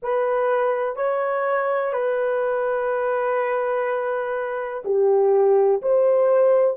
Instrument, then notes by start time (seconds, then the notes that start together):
horn
0.02 B4
0.95 C#5
1.93 B4
4.84 G4
5.82 C5